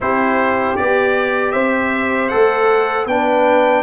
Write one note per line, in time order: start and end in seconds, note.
0.00 0.77 C4
0.00 0.77 E4
0.00 1.53 G4
0.00 0.76 C5
0.76 1.54 B3
0.76 2.29 G4
0.76 1.51 D5
1.51 2.30 C4
1.51 3.07 C5
1.51 2.28 E5
2.28 3.06 A3
2.28 3.06 A4
2.28 3.05 F#5
3.06 3.83 B3
3.06 3.83 D4
3.06 3.83 B4
3.06 3.83 G5